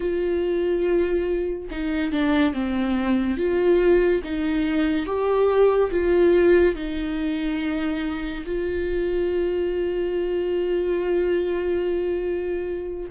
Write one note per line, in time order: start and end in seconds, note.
0.00 1.68 F4
1.70 2.12 D#4
2.12 2.53 D4
2.53 3.37 C4
3.37 4.21 F4
4.23 5.06 D#4
5.06 5.90 G4
5.90 6.75 F4
6.75 8.44 D#4
8.45 13.10 F4